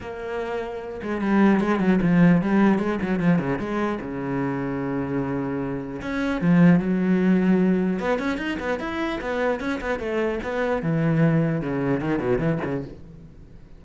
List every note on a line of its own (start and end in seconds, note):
0.00 1.00 A#3
1.02 1.21 G#3
1.21 1.60 G3
1.60 1.79 G#3
1.79 1.99 F#3
2.02 2.41 F3
2.41 2.78 G3
2.78 2.98 G#3
3.02 3.19 F#3
3.19 3.38 F3
3.38 3.58 C#3
3.59 3.99 G#3
4.01 6.01 C#3
6.01 6.41 C#4
6.41 6.79 F3
6.79 7.99 F#3
7.99 8.18 B3
8.18 8.37 C#4
8.37 8.57 D#4
8.59 8.79 B3
8.79 9.19 E4
9.21 9.59 B3
9.59 9.79 C#4
9.81 9.99 B3
9.99 10.39 A3
10.43 10.82 B3
10.82 11.61 E3
11.61 12.00 C#3
12.00 12.19 D#3
12.19 12.38 B2
12.38 12.58 E3
12.64 12.84 C#3